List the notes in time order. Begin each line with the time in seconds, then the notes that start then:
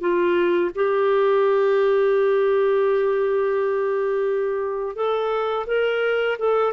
0.00 F4
0.75 G4
4.96 A4
5.67 A#4
6.39 A4